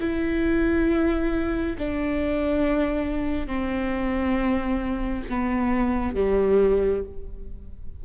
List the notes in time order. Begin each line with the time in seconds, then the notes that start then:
0.00 E4
1.78 D4
3.47 C4
5.29 B3
6.15 G3